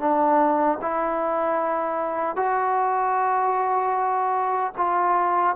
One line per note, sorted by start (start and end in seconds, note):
0.00 0.79 D4
0.82 2.36 E4
2.36 4.73 F#4
4.77 5.56 F4